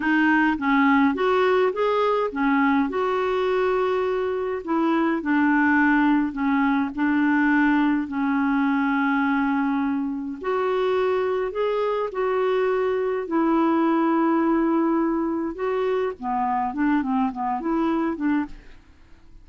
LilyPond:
\new Staff \with { instrumentName = "clarinet" } { \time 4/4 \tempo 4 = 104 dis'4 cis'4 fis'4 gis'4 | cis'4 fis'2. | e'4 d'2 cis'4 | d'2 cis'2~ |
cis'2 fis'2 | gis'4 fis'2 e'4~ | e'2. fis'4 | b4 d'8 c'8 b8 e'4 d'8 | }